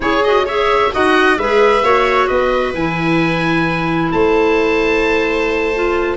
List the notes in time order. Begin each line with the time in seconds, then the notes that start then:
0.00 C#4 E4 G#4 C#5
0.23 F#4 D#5
0.46 G#4 C#5 E5
0.91 D#4 F#4 D#5 F#5
1.37 G#3 G#4 B4 E5
1.82 A#3 F#4 C#5
2.27 B3 B4 D#5
2.74 E3 E4 G#5
4.11 A3 C5 A5
5.74 F4